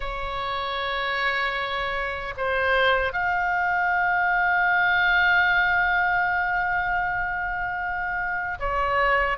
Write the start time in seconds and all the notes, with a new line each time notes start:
0.00 C#5
2.37 C5
3.12 F5
8.59 C#5